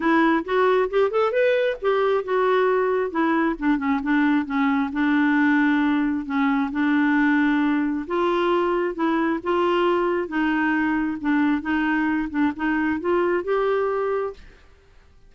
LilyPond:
\new Staff \with { instrumentName = "clarinet" } { \time 4/4 \tempo 4 = 134 e'4 fis'4 g'8 a'8 b'4 | g'4 fis'2 e'4 | d'8 cis'8 d'4 cis'4 d'4~ | d'2 cis'4 d'4~ |
d'2 f'2 | e'4 f'2 dis'4~ | dis'4 d'4 dis'4. d'8 | dis'4 f'4 g'2 | }